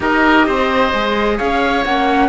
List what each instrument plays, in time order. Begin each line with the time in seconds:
0.00 cello D#4, viola G4, oboe A#4, flute D#5
0.46 cello C4, oboe C5
0.93 cello G#3, viola G#4
1.37 cello C#4, oboe C#5, flute F5
1.84 cello A#3, viola C#4, flute F#5